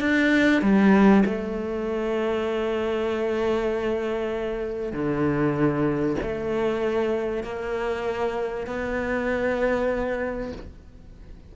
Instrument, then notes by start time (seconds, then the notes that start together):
cello
0.00 D4
0.62 G3
1.25 A3
4.93 D3
6.22 A3
7.43 A#3
8.66 B3